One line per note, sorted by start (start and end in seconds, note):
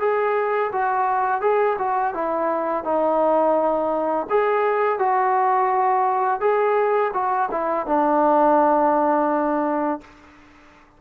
0.00 0.71 G#4
0.72 1.41 F#4
1.41 1.77 G#4
1.79 2.14 F#4
2.14 2.84 E4
2.84 4.27 D#4
4.30 4.99 G#4
4.99 6.41 F#4
6.41 7.12 G#4
7.14 7.49 F#4
7.51 7.87 E4
7.87 10.01 D4